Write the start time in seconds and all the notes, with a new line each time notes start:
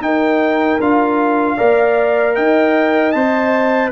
0.00 D#4 A#4 G5
0.80 D4 F4 F5
1.56 A#3 A#4 D5
2.35 D#4 D#5 G5
3.11 C4 C5 A5